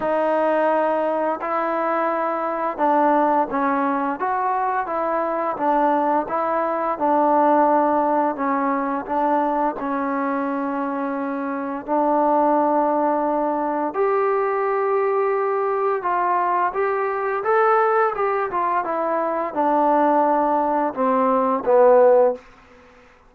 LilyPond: \new Staff \with { instrumentName = "trombone" } { \time 4/4 \tempo 4 = 86 dis'2 e'2 | d'4 cis'4 fis'4 e'4 | d'4 e'4 d'2 | cis'4 d'4 cis'2~ |
cis'4 d'2. | g'2. f'4 | g'4 a'4 g'8 f'8 e'4 | d'2 c'4 b4 | }